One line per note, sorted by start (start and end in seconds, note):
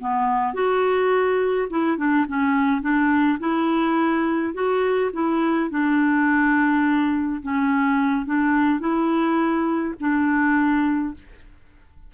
0.00 0.54 B3
0.54 1.69 F#4
1.70 1.97 E4
1.97 2.26 D4
2.28 2.82 C#4
2.82 3.39 D4
3.40 4.54 E4
4.54 5.11 F#4
5.13 5.70 E4
5.70 7.42 D4
7.42 8.26 C#4
8.26 8.80 D4
8.80 9.94 E4
10.00 11.15 D4